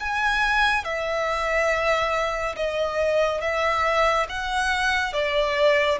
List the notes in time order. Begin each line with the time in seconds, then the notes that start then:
0.00 G#5
0.85 E5
2.56 D#5
3.41 E5
4.29 F#5
5.13 D5